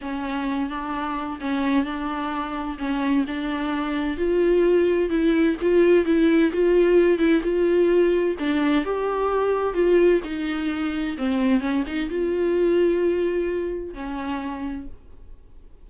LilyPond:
\new Staff \with { instrumentName = "viola" } { \time 4/4 \tempo 4 = 129 cis'4. d'4. cis'4 | d'2 cis'4 d'4~ | d'4 f'2 e'4 | f'4 e'4 f'4. e'8 |
f'2 d'4 g'4~ | g'4 f'4 dis'2 | c'4 cis'8 dis'8 f'2~ | f'2 cis'2 | }